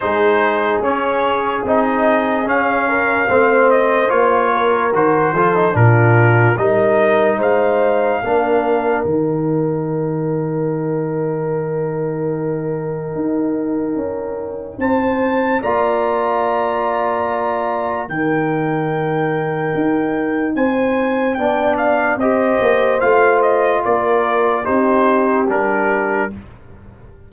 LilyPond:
<<
  \new Staff \with { instrumentName = "trumpet" } { \time 4/4 \tempo 4 = 73 c''4 cis''4 dis''4 f''4~ | f''8 dis''8 cis''4 c''4 ais'4 | dis''4 f''2 g''4~ | g''1~ |
g''2 a''4 ais''4~ | ais''2 g''2~ | g''4 gis''4 g''8 f''8 dis''4 | f''8 dis''8 d''4 c''4 ais'4 | }
  \new Staff \with { instrumentName = "horn" } { \time 4/4 gis'2.~ gis'8 ais'8 | c''4. ais'4 a'8 f'4 | ais'4 c''4 ais'2~ | ais'1~ |
ais'2 c''4 d''4~ | d''2 ais'2~ | ais'4 c''4 d''4 c''4~ | c''4 ais'4 g'2 | }
  \new Staff \with { instrumentName = "trombone" } { \time 4/4 dis'4 cis'4 dis'4 cis'4 | c'4 f'4 fis'8 f'16 dis'16 d'4 | dis'2 d'4 dis'4~ | dis'1~ |
dis'2. f'4~ | f'2 dis'2~ | dis'2 d'4 g'4 | f'2 dis'4 d'4 | }
  \new Staff \with { instrumentName = "tuba" } { \time 4/4 gis4 cis'4 c'4 cis'4 | a4 ais4 dis8 f8 ais,4 | g4 gis4 ais4 dis4~ | dis1 |
dis'4 cis'4 c'4 ais4~ | ais2 dis2 | dis'4 c'4 b4 c'8 ais8 | a4 ais4 c'4 g4 | }
>>